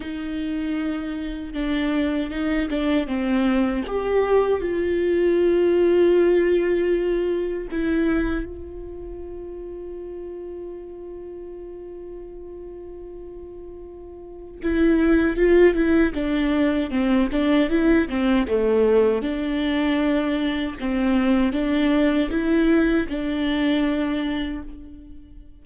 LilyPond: \new Staff \with { instrumentName = "viola" } { \time 4/4 \tempo 4 = 78 dis'2 d'4 dis'8 d'8 | c'4 g'4 f'2~ | f'2 e'4 f'4~ | f'1~ |
f'2. e'4 | f'8 e'8 d'4 c'8 d'8 e'8 c'8 | a4 d'2 c'4 | d'4 e'4 d'2 | }